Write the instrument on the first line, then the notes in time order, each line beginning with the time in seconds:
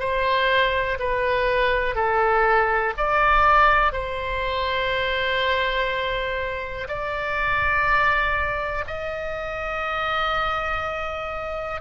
oboe
0.00 C5
1.00 B4
1.96 A4
2.97 D5
3.93 C5
6.88 D5
8.88 D#5